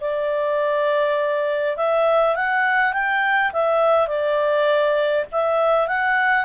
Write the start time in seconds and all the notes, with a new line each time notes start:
0.00 D5
1.77 E5
2.36 F#5
2.93 G5
3.52 E5
4.07 D5
5.32 E5
5.87 F#5